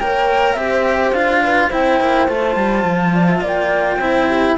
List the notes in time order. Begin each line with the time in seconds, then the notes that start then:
0.00 A#3 A#4 C#5 G5
0.53 C4 G4 C5 E5
1.12 D4 F4 F5
1.44 B4
1.67 C4 E4 C5 G5
2.00 A#3
2.28 A3 F4 A5
2.56 G3
2.85 F3
3.14 D5
3.29 E5
3.42 A#3 D5 G5
3.97 C4 E4 C5
4.28 G4